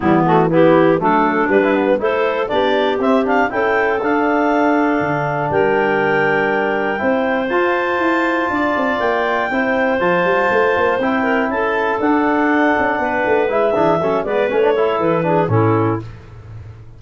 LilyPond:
<<
  \new Staff \with { instrumentName = "clarinet" } { \time 4/4 \tempo 4 = 120 e'8 fis'8 g'4 a'4 b'4 | c''4 d''4 e''8 f''8 g''4 | f''2. g''4~ | g''2. a''4~ |
a''2 g''2 | a''2 g''4 a''4 | fis''2. e''4~ | e''8 d''8 cis''4 b'4 a'4 | }
  \new Staff \with { instrumentName = "clarinet" } { \time 4/4 b4 e'4 d'2 | a'4 g'2 a'4~ | a'2. ais'4~ | ais'2 c''2~ |
c''4 d''2 c''4~ | c''2~ c''8 ais'8 a'4~ | a'2 b'4. gis'8 | a'8 b'4 a'4 gis'8 e'4 | }
  \new Staff \with { instrumentName = "trombone" } { \time 4/4 g8 a8 b4 a4 g16 e'16 b8 | e'4 d'4 c'8 d'8 e'4 | d'1~ | d'2 e'4 f'4~ |
f'2. e'4 | f'2 e'2 | d'2. e'8 d'8 | cis'8 b8 cis'16 d'16 e'4 d'8 cis'4 | }
  \new Staff \with { instrumentName = "tuba" } { \time 4/4 e2 fis4 g4 | a4 b4 c'4 cis'4 | d'2 d4 g4~ | g2 c'4 f'4 |
e'4 d'8 c'8 ais4 c'4 | f8 g8 a8 ais8 c'4 cis'4 | d'4. cis'8 b8 a8 gis8 e8 | fis8 gis8 a4 e4 a,4 | }
>>